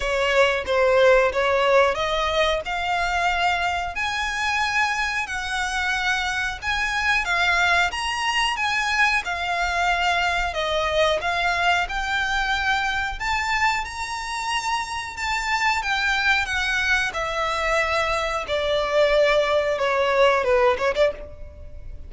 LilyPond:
\new Staff \with { instrumentName = "violin" } { \time 4/4 \tempo 4 = 91 cis''4 c''4 cis''4 dis''4 | f''2 gis''2 | fis''2 gis''4 f''4 | ais''4 gis''4 f''2 |
dis''4 f''4 g''2 | a''4 ais''2 a''4 | g''4 fis''4 e''2 | d''2 cis''4 b'8 cis''16 d''16 | }